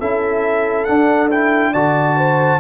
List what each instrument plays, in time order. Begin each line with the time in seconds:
0.00 tuba C#4, trombone E4, horn A4, trumpet E5
0.85 trombone D4, tuba D4, trumpet F#5
1.31 trombone E4, trumpet G5
1.72 tuba D3, trombone F#4, horn D5, trumpet A5
2.16 horn C5